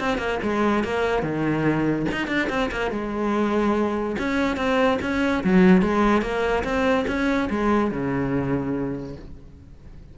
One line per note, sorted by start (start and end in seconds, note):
0.00 0.18 C4
0.18 0.39 A#3
0.43 0.84 G#3
0.84 1.23 A#3
1.23 2.06 D#3
2.12 2.28 D#4
2.28 2.48 D4
2.50 2.70 C4
2.72 2.91 A#3
2.91 4.16 G#3
4.19 4.56 C#4
4.56 4.98 C4
5.02 5.44 C#4
5.44 5.82 F#3
5.82 6.22 G#3
6.22 6.64 A#3
6.64 7.06 C4
7.08 7.49 C#4
7.50 7.91 G#3
7.91 9.16 C#3